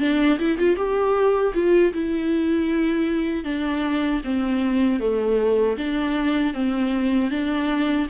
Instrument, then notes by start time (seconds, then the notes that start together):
viola
0.00 D4
0.39 E4
0.58 F4
0.76 G4
1.54 F4
1.93 E4
3.44 D4
4.24 C4
5.00 A3
5.77 D4
6.53 C4
7.30 D4